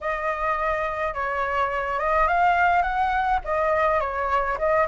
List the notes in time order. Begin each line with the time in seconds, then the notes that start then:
0.01 D#5
1.14 C#5
1.99 D#5
2.27 F5
2.82 F#5
3.44 D#5
4.00 C#5
4.58 D#5